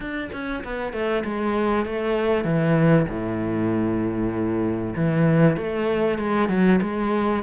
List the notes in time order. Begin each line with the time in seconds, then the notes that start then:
0.00 D4
0.32 C#4
0.64 B3
0.93 A3
1.24 G#3
1.85 A3
2.44 E3
3.08 A2
4.95 E3
5.57 A3
6.18 G#3
6.49 F#3
6.81 G#3